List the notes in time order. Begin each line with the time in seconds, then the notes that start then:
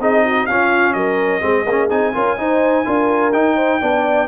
0.00 C4 D#4 G#4 D#5
0.25 F#4
0.46 C#4 F4 F5
0.93 F#3 A#4 D#5
1.41 G#3 C4 G#4
1.66 A#3 C#4
1.89 C4 D#4 G#5
2.13 C#4 F4 A#4
2.37 D#4 C5
2.85 D4 F4 A#4
3.32 D#4 G5
3.56 C5
3.81 B3 D4 D5